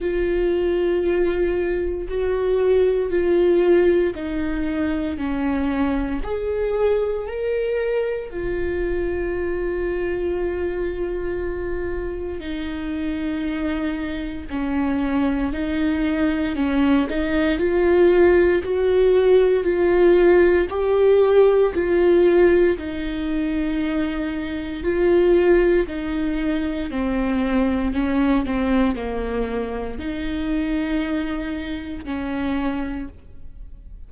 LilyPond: \new Staff \with { instrumentName = "viola" } { \time 4/4 \tempo 4 = 58 f'2 fis'4 f'4 | dis'4 cis'4 gis'4 ais'4 | f'1 | dis'2 cis'4 dis'4 |
cis'8 dis'8 f'4 fis'4 f'4 | g'4 f'4 dis'2 | f'4 dis'4 c'4 cis'8 c'8 | ais4 dis'2 cis'4 | }